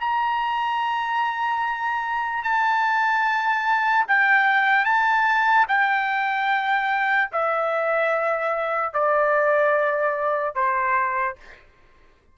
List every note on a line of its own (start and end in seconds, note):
0.00 2.43 A#5
2.44 4.06 A5
4.08 4.85 G5
4.85 5.66 A5
5.68 7.30 G5
7.32 8.93 E5
8.93 10.55 D5
10.55 11.36 C5